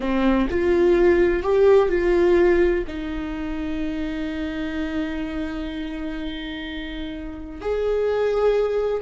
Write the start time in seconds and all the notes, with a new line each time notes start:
0.00 C4
0.50 F4
1.42 G4
1.89 F4
2.87 D#4
7.61 G#4